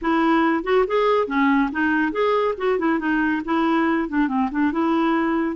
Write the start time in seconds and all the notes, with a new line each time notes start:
0.01 E4
0.63 F#4
0.87 G#4
1.27 C#4
1.72 D#4
2.11 G#4
2.57 F#4
2.78 E4
2.99 D#4
3.45 E4
4.08 D4
4.28 C4
4.51 D4
4.72 E4